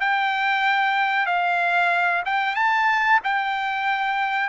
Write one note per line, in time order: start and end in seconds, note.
0.00 1.26 G5
1.26 2.23 F5
2.25 2.55 G5
2.55 3.20 A5
3.24 4.49 G5